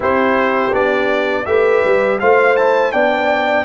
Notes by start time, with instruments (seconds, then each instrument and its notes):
0.00 tuba C4, trombone E4, horn G4, trumpet C5
0.72 tuba B3, trombone D4, trumpet D5
1.45 tuba A3, trombone G4, horn B4, trumpet E5
1.84 tuba G3
2.19 tuba A3, trombone F4, horn C5, trumpet F5
2.56 trombone E4, trumpet A5
2.91 tuba B3, trombone D4, horn D5, trumpet G5